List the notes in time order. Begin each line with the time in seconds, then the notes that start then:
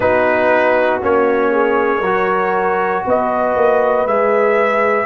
0.00 B3 D#4 F#4 B4
1.01 A#3 C#4 C#5
1.51 G#4
2.00 F#3 F#4 A#4
3.05 B3 B4 D#5
3.55 A#3
4.05 G#3 G#4 E5